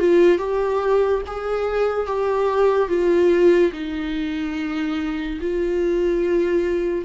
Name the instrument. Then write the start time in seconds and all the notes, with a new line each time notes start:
viola
0.00 F4
0.39 G4
1.27 G#4
2.07 G4
2.89 F4
3.73 D#4
5.41 F4